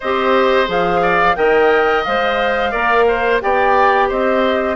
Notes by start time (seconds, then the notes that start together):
0.00 C4 G4 C5 D#5
0.66 F3 G#4 F5
1.01 D5
1.35 D#3 A#4 D#5 G5
2.04 G#3 C5 F5
2.71 A#3 A#4 D5
3.07 C5
3.41 B3 G4 D5 G5
4.08 C4 C5 D#5